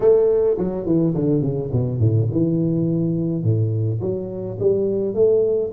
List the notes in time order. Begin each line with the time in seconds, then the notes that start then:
0.00 A3
0.58 F#3
0.85 E3
1.14 D3
1.41 C#3
1.72 B2
1.99 A2
2.31 E3
3.43 A2
4.00 F#3
4.59 G3
5.14 A3